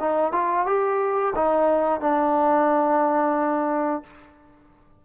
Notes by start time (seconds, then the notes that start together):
0.00 D#4
0.32 F4
0.66 G4
1.35 D#4
2.00 D4